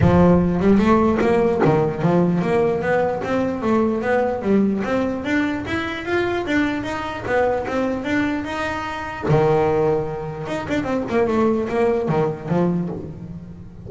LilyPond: \new Staff \with { instrumentName = "double bass" } { \time 4/4 \tempo 4 = 149 f4. g8 a4 ais4 | dis4 f4 ais4 b4 | c'4 a4 b4 g4 | c'4 d'4 e'4 f'4 |
d'4 dis'4 b4 c'4 | d'4 dis'2 dis4~ | dis2 dis'8 d'8 c'8 ais8 | a4 ais4 dis4 f4 | }